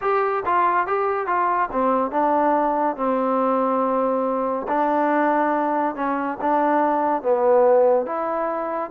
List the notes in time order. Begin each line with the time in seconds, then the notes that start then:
0.01 G4
0.45 F4
0.86 G4
1.26 F4
1.72 C4
2.11 D4
2.96 C4
4.68 D4
5.95 C#4
6.41 D4
7.22 B3
8.05 E4